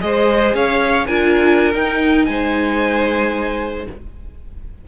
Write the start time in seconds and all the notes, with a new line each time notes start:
0.00 G#3 G#4 C5 D#5
0.53 C#4 C#5 F5
1.06 D4 F4 A#4 G#5
1.73 D#4 G5
2.25 G#3 C5 G#5